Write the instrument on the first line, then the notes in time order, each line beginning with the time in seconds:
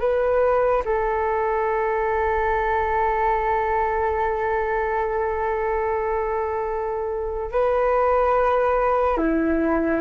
flute
0.00 B4
0.85 A4
7.52 B4
9.17 E4